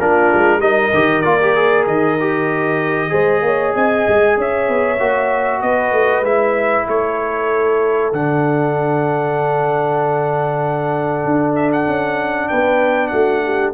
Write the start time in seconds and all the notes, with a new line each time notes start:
0.00 A#3 D4 F4 A#4
0.34 G#3
0.58 G3 D#4 A#4 D#5
0.94 D#3 G4
1.22 A#3 F4 D5
1.40 G4
1.56 G#4
1.87 D#3 D#5
2.20 G4
3.09 G#3 G#4 C5
3.42 A#3 C#5
3.74 C4 D#5 G#5
4.08 G#3
4.37 C#4 C#5 E5
4.68 B3
4.99 A#3 F#4
5.60 B3 B4 D#5
5.92 A3
6.21 G#3 E4 E5
6.87 A3 A4 C#5
8.12 D3 D4 F#5
11.25 D4
11.55 E5
11.72 F#5
11.87 C#4
12.48 B3 B4 G5
13.08 A3 F#4 F#5
13.44 G4